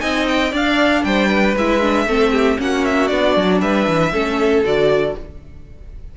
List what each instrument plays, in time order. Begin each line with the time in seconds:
0.00 cello C4, viola D#4, violin D#5 G#5
0.28 violin G5
0.52 cello D4, viola D4, violin D5 F5
1.04 cello G3, violin C5 G5
1.28 violin B4
1.57 cello G#3, viola E4, violin E5
1.82 viola D4
2.07 cello A3, viola C4, violin A4
2.32 violin G4
2.59 cello A#3, viola C#4, violin F#4 F#5
2.85 violin E5
3.08 cello B3, viola D4, violin D5
3.37 cello F#3
3.62 cello G3, violin B4 E5
3.88 cello E3
4.13 cello A3, viola C#4, violin A4
4.64 cello D3, viola F#4, violin D5